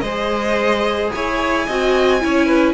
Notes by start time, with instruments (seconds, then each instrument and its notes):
0.00 cello G#3, viola G#4, violin C5 D#5
1.12 cello E4, violin C#5 G#5
1.66 cello C4, viola F#4, violin D#5
2.20 cello C#4, viola E4, violin C#5
2.46 violin B4